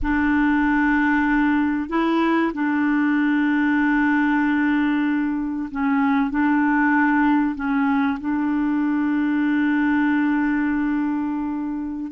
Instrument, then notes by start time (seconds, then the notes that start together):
clarinet
0.02 D4
1.89 E4
2.53 D4
5.71 C#4
6.30 D4
7.55 C#4
8.20 D4